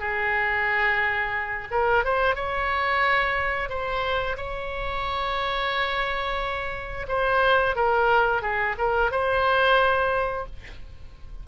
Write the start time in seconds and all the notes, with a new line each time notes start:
0.00 G#4
1.71 A#4
2.05 C5
2.36 C#5
3.70 C5
4.37 C#5
7.08 C5
7.76 A#4
8.42 G#4
8.79 A#4
9.11 C5